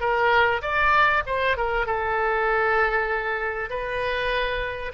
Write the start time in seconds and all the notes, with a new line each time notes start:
0.00 A#4
0.62 D5
1.26 C5
1.57 A#4
1.86 A4
3.70 B4